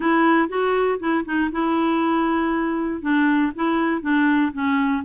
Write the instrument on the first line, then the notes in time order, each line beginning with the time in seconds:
clarinet
0.00 E4
0.48 F#4
0.99 E4
1.25 D#4
1.51 E4
3.01 D4
3.55 E4
4.01 D4
4.52 C#4